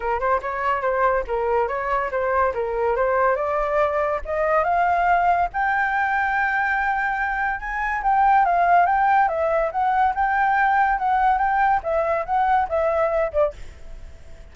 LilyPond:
\new Staff \with { instrumentName = "flute" } { \time 4/4 \tempo 4 = 142 ais'8 c''8 cis''4 c''4 ais'4 | cis''4 c''4 ais'4 c''4 | d''2 dis''4 f''4~ | f''4 g''2.~ |
g''2 gis''4 g''4 | f''4 g''4 e''4 fis''4 | g''2 fis''4 g''4 | e''4 fis''4 e''4. d''8 | }